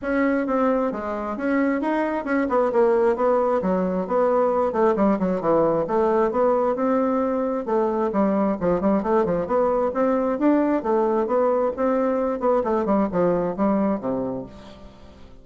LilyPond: \new Staff \with { instrumentName = "bassoon" } { \time 4/4 \tempo 4 = 133 cis'4 c'4 gis4 cis'4 | dis'4 cis'8 b8 ais4 b4 | fis4 b4. a8 g8 fis8 | e4 a4 b4 c'4~ |
c'4 a4 g4 f8 g8 | a8 f8 b4 c'4 d'4 | a4 b4 c'4. b8 | a8 g8 f4 g4 c4 | }